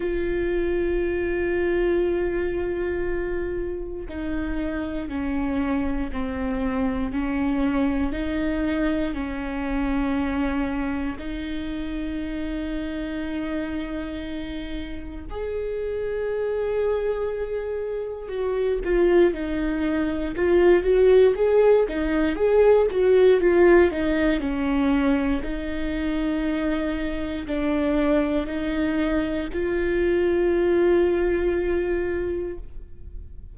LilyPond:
\new Staff \with { instrumentName = "viola" } { \time 4/4 \tempo 4 = 59 f'1 | dis'4 cis'4 c'4 cis'4 | dis'4 cis'2 dis'4~ | dis'2. gis'4~ |
gis'2 fis'8 f'8 dis'4 | f'8 fis'8 gis'8 dis'8 gis'8 fis'8 f'8 dis'8 | cis'4 dis'2 d'4 | dis'4 f'2. | }